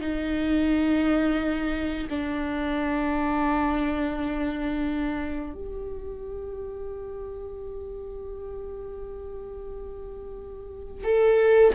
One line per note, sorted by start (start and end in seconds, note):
0.00 2.07 D#4
2.10 5.54 D4
5.54 11.04 G4
11.04 11.73 A4